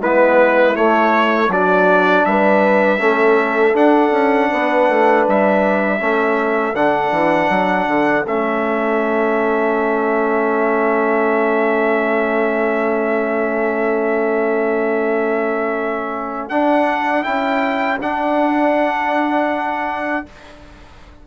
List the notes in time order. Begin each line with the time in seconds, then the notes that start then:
0.00 G#3 B3 E4 B4
0.74 A3 C#5
1.48 F#3 D4 F#4 D5
2.25 G3 B4 E5
2.98 A3 C#4 A4
3.73 D4 F#5
4.11 C#4
4.51 B3 B4
4.88 A3
5.27 G3 E5
5.99 A3 C#4 A4
6.73 D3 D4 F#5
7.11 E3
7.49 F#3
7.87 D3
8.25 A3 C#4 E5
16.48 D4 F#5
17.23 C#4 E4 G5
17.99 D4 F#5